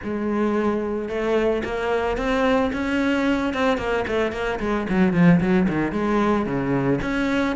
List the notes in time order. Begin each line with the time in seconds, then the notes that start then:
0.03 G#3
1.08 A3
1.64 A#3
2.17 C4
2.72 C#4
3.53 C4
3.77 A#3
4.07 A3
4.32 A#3
4.59 G#3
4.89 F#3
5.13 F3
5.40 F#3
5.68 D#3
5.92 G#3
6.45 C#3
7.01 C#4